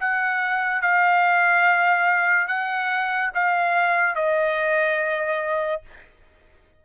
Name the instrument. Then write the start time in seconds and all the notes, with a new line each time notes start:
trumpet
0.00 F#5
0.81 F5
2.47 F#5
3.34 F5
4.15 D#5